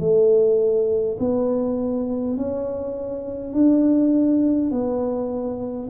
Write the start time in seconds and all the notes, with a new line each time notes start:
0.00 A3
1.20 B3
2.37 C#4
3.54 D4
4.71 B3